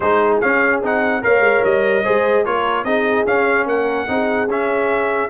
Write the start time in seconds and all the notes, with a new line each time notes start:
0.00 G#3 D#4 G#4 C5
0.40 C#4 F5
0.82 C4 D#4 F#5
1.22 A#3 A#4 C#5 F5
1.40 G#3
1.63 G3 D#5
2.03 G#3 G#4 C5
2.45 A#3 F4 A#4 C#5
2.84 C4 D#4 G#4 D#5
3.26 C#4 F5
3.66 A#3 A#4 F#5
4.07 C4 D#4 G#4
4.47 C#4 E5